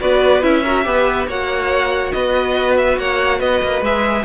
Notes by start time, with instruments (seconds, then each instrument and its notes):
0.00 cello B3, viola F#4, violin B4 D5
0.42 cello C#4, viola E4, violin E5
0.63 viola F#4, violin A#4
0.84 cello B3, viola G4, violin B4
1.27 cello A#3, viola F#4, violin C#5 F#5
2.12 cello B3, violin B4 D#5
2.77 violin E5
2.97 cello A#3, violin C#5 F#5
3.39 cello B3, violin B4 D#5
3.62 cello A#3
3.81 cello G#3, viola G#4, violin E5